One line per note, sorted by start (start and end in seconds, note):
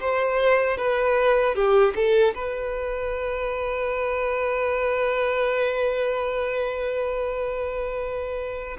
0.00 0.78 C5
0.78 1.55 B4
1.55 1.94 G4
1.96 2.34 A4
2.35 8.78 B4